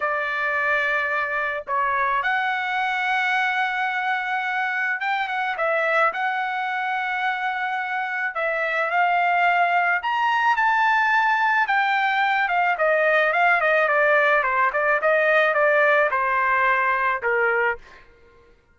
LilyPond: \new Staff \with { instrumentName = "trumpet" } { \time 4/4 \tempo 4 = 108 d''2. cis''4 | fis''1~ | fis''4 g''8 fis''8 e''4 fis''4~ | fis''2. e''4 |
f''2 ais''4 a''4~ | a''4 g''4. f''8 dis''4 | f''8 dis''8 d''4 c''8 d''8 dis''4 | d''4 c''2 ais'4 | }